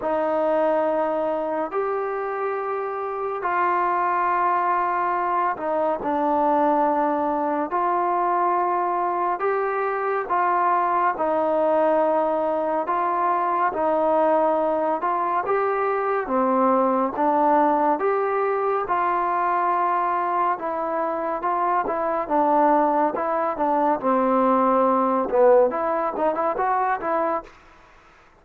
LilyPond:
\new Staff \with { instrumentName = "trombone" } { \time 4/4 \tempo 4 = 70 dis'2 g'2 | f'2~ f'8 dis'8 d'4~ | d'4 f'2 g'4 | f'4 dis'2 f'4 |
dis'4. f'8 g'4 c'4 | d'4 g'4 f'2 | e'4 f'8 e'8 d'4 e'8 d'8 | c'4. b8 e'8 dis'16 e'16 fis'8 e'8 | }